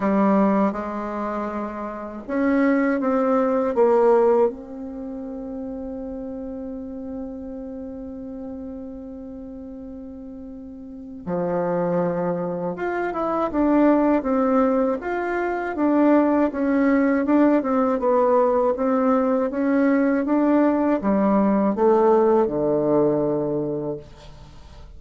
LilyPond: \new Staff \with { instrumentName = "bassoon" } { \time 4/4 \tempo 4 = 80 g4 gis2 cis'4 | c'4 ais4 c'2~ | c'1~ | c'2. f4~ |
f4 f'8 e'8 d'4 c'4 | f'4 d'4 cis'4 d'8 c'8 | b4 c'4 cis'4 d'4 | g4 a4 d2 | }